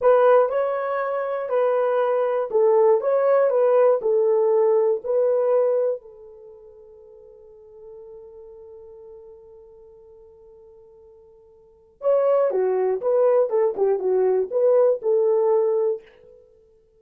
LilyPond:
\new Staff \with { instrumentName = "horn" } { \time 4/4 \tempo 4 = 120 b'4 cis''2 b'4~ | b'4 a'4 cis''4 b'4 | a'2 b'2 | a'1~ |
a'1~ | a'1 | cis''4 fis'4 b'4 a'8 g'8 | fis'4 b'4 a'2 | }